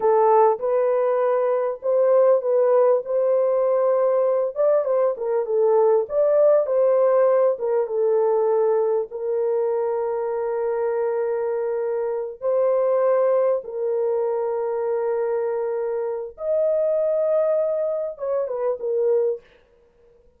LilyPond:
\new Staff \with { instrumentName = "horn" } { \time 4/4 \tempo 4 = 99 a'4 b'2 c''4 | b'4 c''2~ c''8 d''8 | c''8 ais'8 a'4 d''4 c''4~ | c''8 ais'8 a'2 ais'4~ |
ais'1~ | ais'8 c''2 ais'4.~ | ais'2. dis''4~ | dis''2 cis''8 b'8 ais'4 | }